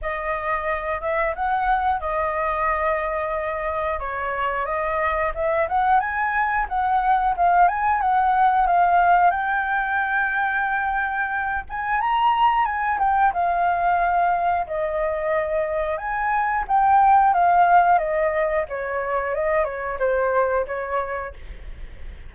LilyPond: \new Staff \with { instrumentName = "flute" } { \time 4/4 \tempo 4 = 90 dis''4. e''8 fis''4 dis''4~ | dis''2 cis''4 dis''4 | e''8 fis''8 gis''4 fis''4 f''8 gis''8 | fis''4 f''4 g''2~ |
g''4. gis''8 ais''4 gis''8 g''8 | f''2 dis''2 | gis''4 g''4 f''4 dis''4 | cis''4 dis''8 cis''8 c''4 cis''4 | }